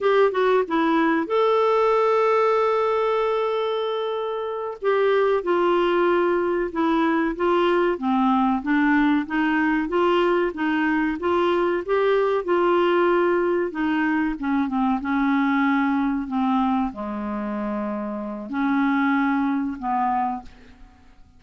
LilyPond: \new Staff \with { instrumentName = "clarinet" } { \time 4/4 \tempo 4 = 94 g'8 fis'8 e'4 a'2~ | a'2.~ a'8 g'8~ | g'8 f'2 e'4 f'8~ | f'8 c'4 d'4 dis'4 f'8~ |
f'8 dis'4 f'4 g'4 f'8~ | f'4. dis'4 cis'8 c'8 cis'8~ | cis'4. c'4 gis4.~ | gis4 cis'2 b4 | }